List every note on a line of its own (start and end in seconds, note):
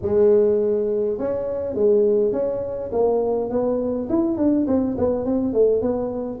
0.02 1.18 G#3
1.18 1.74 C#4
1.74 2.32 G#3
2.32 2.90 C#4
2.92 3.50 A#3
3.50 4.08 B3
4.09 4.37 E4
4.37 4.66 D4
4.67 4.96 C4
4.98 5.25 B3
5.25 5.53 C4
5.53 5.81 A3
5.81 6.39 B3